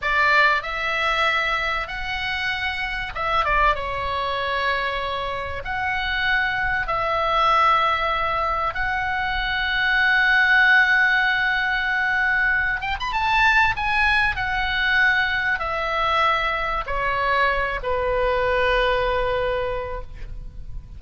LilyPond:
\new Staff \with { instrumentName = "oboe" } { \time 4/4 \tempo 4 = 96 d''4 e''2 fis''4~ | fis''4 e''8 d''8 cis''2~ | cis''4 fis''2 e''4~ | e''2 fis''2~ |
fis''1~ | fis''8 g''16 b''16 a''4 gis''4 fis''4~ | fis''4 e''2 cis''4~ | cis''8 b'2.~ b'8 | }